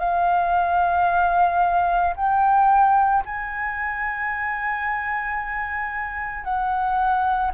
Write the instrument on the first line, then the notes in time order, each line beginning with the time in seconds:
flute
0.00 F5
2.16 G5
3.26 G#5
6.44 F#5